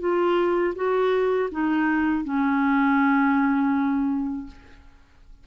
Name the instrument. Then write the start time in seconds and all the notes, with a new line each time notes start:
clarinet
0.00 F4
0.76 F#4
1.52 D#4
2.25 C#4